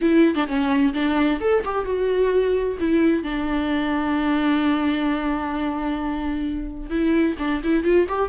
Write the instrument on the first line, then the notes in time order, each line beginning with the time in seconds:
viola
0.01 E4
0.35 D4
0.47 C#4
0.93 D4
1.40 A4
1.64 G4
1.85 F#4
2.79 E4
3.23 D4
6.89 E4
7.38 D4
7.63 E4
7.84 F4
8.08 G4